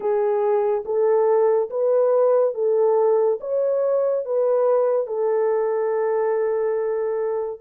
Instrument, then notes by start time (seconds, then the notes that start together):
horn
0.00 G#4
0.85 A4
1.70 B4
2.54 A4
3.40 C#5
4.25 B4
5.07 A4